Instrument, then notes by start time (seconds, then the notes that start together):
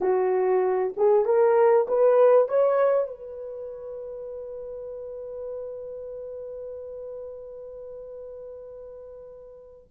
horn
0.00 F#4
0.96 G#4
1.25 A#4
1.88 B4
2.48 C#5
3.07 B4